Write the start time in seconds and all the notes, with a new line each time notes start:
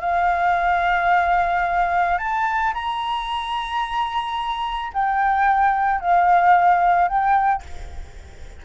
0.00 F5
2.18 A5
2.74 A#5
4.93 G5
6.00 F5
7.08 G5